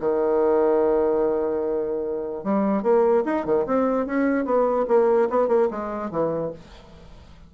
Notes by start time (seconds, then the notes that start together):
0.00 D#3
2.44 G3
2.83 A#3
3.25 D#4
3.45 D#3
3.66 C4
4.07 C#4
4.45 B3
4.88 A#3
5.30 B3
5.48 A#3
5.71 G#3
6.11 E3